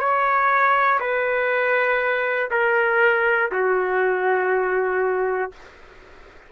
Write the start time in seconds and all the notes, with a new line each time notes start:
0.00 C#5
1.00 B4
2.51 A#4
3.52 F#4